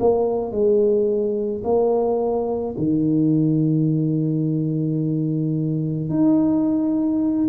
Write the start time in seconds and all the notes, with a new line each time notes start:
0.00 A#3
0.52 G#3
1.64 A#3
2.78 D#3
6.10 D#4